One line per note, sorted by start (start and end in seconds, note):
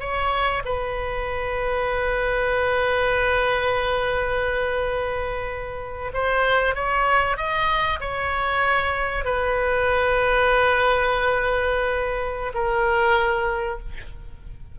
0.00 0.62 C#5
0.65 6.12 B4
6.13 6.75 C5
6.75 7.37 C#5
7.37 7.99 D#5
8.00 9.25 C#5
9.25 12.53 B4
12.54 13.79 A#4